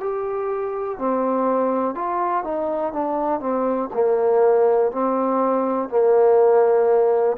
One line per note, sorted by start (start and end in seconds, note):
0.00 0.98 G4
0.98 1.95 C4
1.95 2.44 F4
2.44 2.92 D#4
2.92 3.40 D4
3.40 3.89 C4
3.93 4.91 A#3
4.91 5.89 C4
5.89 7.37 A#3